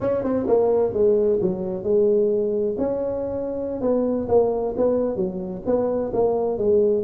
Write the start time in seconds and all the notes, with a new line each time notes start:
0.00 C#4
0.23 C4
0.47 A#3
0.93 G#3
1.41 F#3
1.83 G#3
2.78 C#4
3.81 B3
4.28 A#3
4.76 B3
5.16 F#3
5.65 B3
6.13 A#3
6.57 G#3